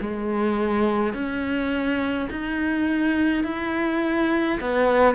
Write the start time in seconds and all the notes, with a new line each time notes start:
0.00 G#3
1.13 C#4
2.30 D#4
3.44 E4
4.60 B3